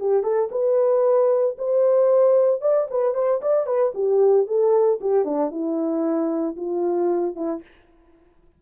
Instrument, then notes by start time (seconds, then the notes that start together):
horn
0.00 G4
0.24 A4
0.52 B4
1.58 C5
2.62 D5
2.91 B4
3.15 C5
3.42 D5
3.67 B4
3.95 G4
4.47 A4
5.01 G4
5.26 D4
5.51 E4
6.57 F4
7.36 E4